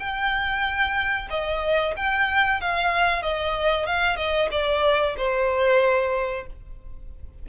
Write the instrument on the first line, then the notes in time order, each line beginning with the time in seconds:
violin
0.00 G5
1.30 D#5
1.97 G5
2.61 F5
3.23 D#5
3.87 F5
4.17 D#5
4.52 D5
5.18 C5